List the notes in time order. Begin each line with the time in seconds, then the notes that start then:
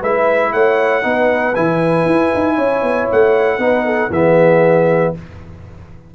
0.00 G#3 E4 B4 E5
0.53 A3 C#5 F#5
1.02 B3 D#4 B4
1.55 E3 E4 G#5
2.06 E4
2.35 D#4
2.55 C#4 C#5
2.83 B3
3.12 A3 F#5
3.58 B3 D#4 B4
3.86 A4
4.10 E3 B3 G#4 E5